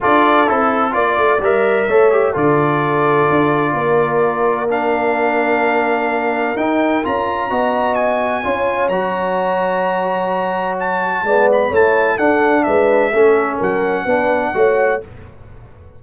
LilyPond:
<<
  \new Staff \with { instrumentName = "trumpet" } { \time 4/4 \tempo 4 = 128 d''4 a'4 d''4 e''4~ | e''4 d''2.~ | d''2 f''2~ | f''2 g''4 ais''4~ |
ais''4 gis''2 ais''4~ | ais''2. a''4~ | a''8 b''8 a''4 fis''4 e''4~ | e''4 fis''2. | }
  \new Staff \with { instrumentName = "horn" } { \time 4/4 a'2 d''2 | cis''4 a'2. | ais'1~ | ais'1 |
dis''2 cis''2~ | cis''1 | d''4 cis''4 a'4 b'4 | a'4 ais'4 b'4 cis''4 | }
  \new Staff \with { instrumentName = "trombone" } { \time 4/4 f'4 e'4 f'4 ais'4 | a'8 g'8 f'2.~ | f'2 d'2~ | d'2 dis'4 f'4 |
fis'2 f'4 fis'4~ | fis'1 | b4 e'4 d'2 | cis'2 d'4 fis'4 | }
  \new Staff \with { instrumentName = "tuba" } { \time 4/4 d'4 c'4 ais8 a8 g4 | a4 d2 d'4 | ais1~ | ais2 dis'4 cis'4 |
b2 cis'4 fis4~ | fis1 | gis4 a4 d'4 gis4 | a4 fis4 b4 a4 | }
>>